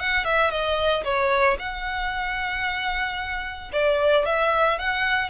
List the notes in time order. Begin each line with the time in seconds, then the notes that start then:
0.00 F#5
0.25 E5
0.51 D#5
1.04 C#5
1.59 F#5
3.72 D5
4.26 E5
4.79 F#5